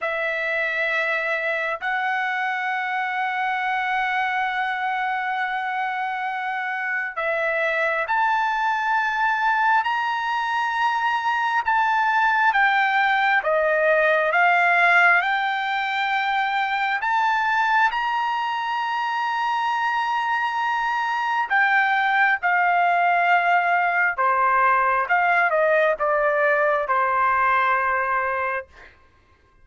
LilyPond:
\new Staff \with { instrumentName = "trumpet" } { \time 4/4 \tempo 4 = 67 e''2 fis''2~ | fis''1 | e''4 a''2 ais''4~ | ais''4 a''4 g''4 dis''4 |
f''4 g''2 a''4 | ais''1 | g''4 f''2 c''4 | f''8 dis''8 d''4 c''2 | }